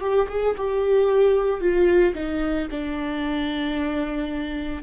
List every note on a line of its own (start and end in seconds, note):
0.00 0.27 G4
0.28 0.55 G#4
0.57 1.60 G4
1.60 2.14 F4
2.14 2.68 D#4
2.70 4.83 D4